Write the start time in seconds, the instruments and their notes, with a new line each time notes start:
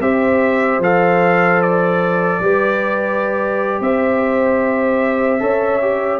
0.00 tuba C4, trombone G4, horn C5, trumpet E5
0.79 tuba F3, trombone A4, trumpet F5
1.62 trumpet D5
2.40 tuba G3, trombone G4, horn B4
3.81 tuba C4, horn C5, trumpet E5
5.40 tuba C#4, trombone A4, horn C#5
5.82 trombone G4